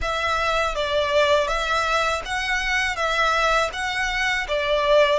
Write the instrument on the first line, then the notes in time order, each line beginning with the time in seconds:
violin
0.01 E5
0.75 D5
1.47 E5
2.25 F#5
2.96 E5
3.72 F#5
4.48 D5